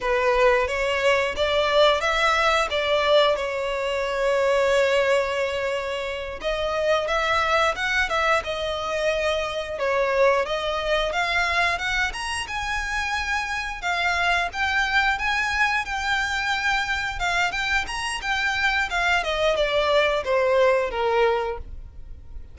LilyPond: \new Staff \with { instrumentName = "violin" } { \time 4/4 \tempo 4 = 89 b'4 cis''4 d''4 e''4 | d''4 cis''2.~ | cis''4. dis''4 e''4 fis''8 | e''8 dis''2 cis''4 dis''8~ |
dis''8 f''4 fis''8 ais''8 gis''4.~ | gis''8 f''4 g''4 gis''4 g''8~ | g''4. f''8 g''8 ais''8 g''4 | f''8 dis''8 d''4 c''4 ais'4 | }